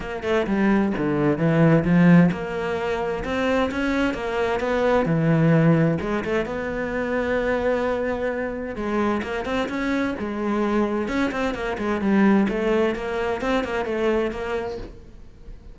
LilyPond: \new Staff \with { instrumentName = "cello" } { \time 4/4 \tempo 4 = 130 ais8 a8 g4 d4 e4 | f4 ais2 c'4 | cis'4 ais4 b4 e4~ | e4 gis8 a8 b2~ |
b2. gis4 | ais8 c'8 cis'4 gis2 | cis'8 c'8 ais8 gis8 g4 a4 | ais4 c'8 ais8 a4 ais4 | }